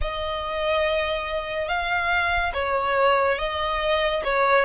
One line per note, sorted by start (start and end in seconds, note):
0.01 1.68 D#5
1.68 2.52 F5
2.54 3.38 C#5
3.38 4.23 D#5
4.24 4.65 C#5